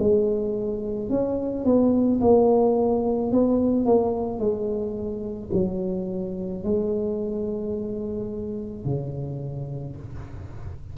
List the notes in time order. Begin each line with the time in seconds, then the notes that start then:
0.00 G#3
1.10 C#4
1.65 B3
2.21 A#3
3.32 B3
3.86 A#3
4.39 G#3
5.54 F#3
6.64 G#3
8.86 C#3